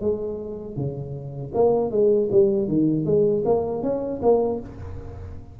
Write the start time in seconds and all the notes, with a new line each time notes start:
0.00 G#3
0.76 C#3
1.54 A#3
1.91 G#3
2.31 G3
2.68 D#3
3.05 G#3
3.45 A#3
3.82 C#4
4.22 A#3